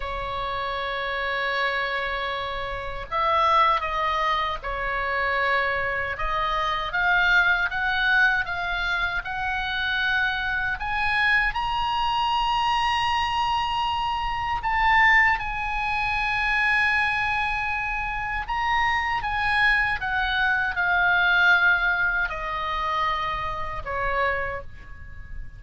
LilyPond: \new Staff \with { instrumentName = "oboe" } { \time 4/4 \tempo 4 = 78 cis''1 | e''4 dis''4 cis''2 | dis''4 f''4 fis''4 f''4 | fis''2 gis''4 ais''4~ |
ais''2. a''4 | gis''1 | ais''4 gis''4 fis''4 f''4~ | f''4 dis''2 cis''4 | }